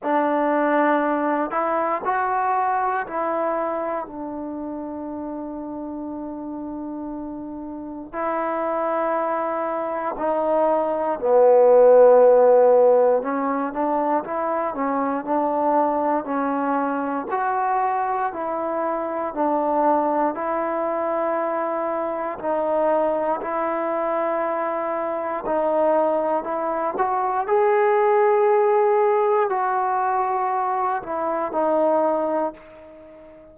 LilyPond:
\new Staff \with { instrumentName = "trombone" } { \time 4/4 \tempo 4 = 59 d'4. e'8 fis'4 e'4 | d'1 | e'2 dis'4 b4~ | b4 cis'8 d'8 e'8 cis'8 d'4 |
cis'4 fis'4 e'4 d'4 | e'2 dis'4 e'4~ | e'4 dis'4 e'8 fis'8 gis'4~ | gis'4 fis'4. e'8 dis'4 | }